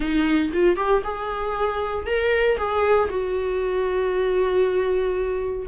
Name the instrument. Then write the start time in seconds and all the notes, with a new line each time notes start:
viola
0.00 D#4
0.53 F4
0.76 G4
1.03 G#4
2.06 A#4
2.57 G#4
3.09 F#4